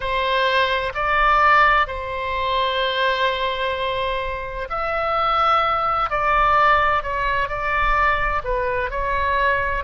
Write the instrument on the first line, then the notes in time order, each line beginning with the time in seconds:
oboe
0.00 C5
0.94 D5
1.87 C5
4.69 E5
6.10 D5
7.03 C#5
7.48 D5
8.44 B4
8.90 C#5